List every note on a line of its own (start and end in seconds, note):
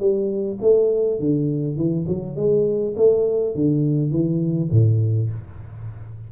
0.00 0.59 G3
0.62 1.20 A3
1.20 1.77 D3
1.77 2.06 E3
2.08 2.37 F#3
2.37 2.95 G#3
2.97 3.55 A3
3.55 4.11 D3
4.11 4.70 E3
4.72 5.30 A2